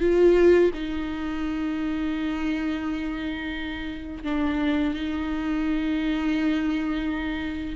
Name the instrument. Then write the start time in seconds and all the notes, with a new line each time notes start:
viola
0.00 F4
0.73 D#4
4.24 D4
4.94 D#4